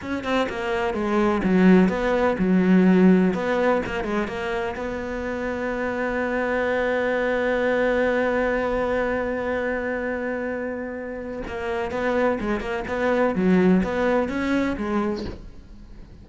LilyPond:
\new Staff \with { instrumentName = "cello" } { \time 4/4 \tempo 4 = 126 cis'8 c'8 ais4 gis4 fis4 | b4 fis2 b4 | ais8 gis8 ais4 b2~ | b1~ |
b1~ | b1 | ais4 b4 gis8 ais8 b4 | fis4 b4 cis'4 gis4 | }